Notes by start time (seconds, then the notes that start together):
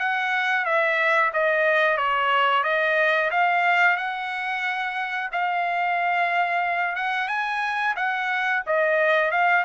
0.00 F#5
0.65 E5
1.34 D#5
1.98 C#5
2.64 D#5
3.31 F5
3.97 F#5
5.32 F5
6.96 F#5
7.28 G#5
7.96 F#5
8.67 D#5
9.32 F5